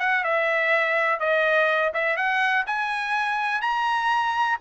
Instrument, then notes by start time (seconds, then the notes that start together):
trumpet
0.00 F#5
0.24 E5
1.20 D#5
1.94 E5
2.17 F#5
2.67 G#5
3.62 A#5